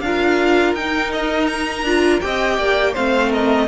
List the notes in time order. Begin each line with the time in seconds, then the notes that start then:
0.00 D4 F4 A#4 F5
0.73 D#4 G5
1.12 D#5
1.46 A#5
1.82 D4 F4
2.20 C4 G4 D#5 G5
2.58 A#3 D5
2.92 A3 C4 C5 F5
3.29 A#4 D#5